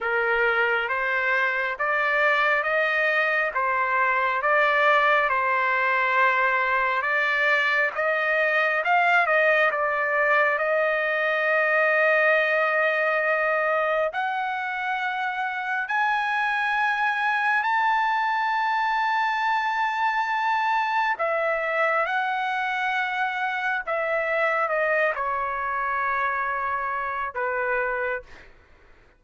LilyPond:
\new Staff \with { instrumentName = "trumpet" } { \time 4/4 \tempo 4 = 68 ais'4 c''4 d''4 dis''4 | c''4 d''4 c''2 | d''4 dis''4 f''8 dis''8 d''4 | dis''1 |
fis''2 gis''2 | a''1 | e''4 fis''2 e''4 | dis''8 cis''2~ cis''8 b'4 | }